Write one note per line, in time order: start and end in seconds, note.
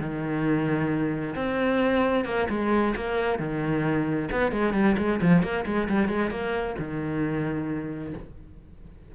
0.00 1.35 D#3
1.36 2.25 C4
2.25 2.48 A#3
2.50 2.95 G#3
2.96 3.39 A#3
3.39 4.30 D#3
4.32 4.52 B3
4.52 4.74 G#3
4.74 4.96 G3
4.98 5.20 G#3
5.22 5.43 F3
5.43 5.65 A#3
5.66 5.89 G#3
5.89 6.09 G3
6.09 6.31 G#3
6.31 6.76 A#3
6.79 8.14 D#3